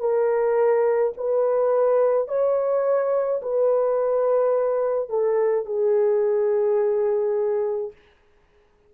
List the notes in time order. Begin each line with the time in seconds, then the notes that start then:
0.00 A#4
1.18 B4
2.28 C#5
3.43 B4
5.10 A4
5.66 G#4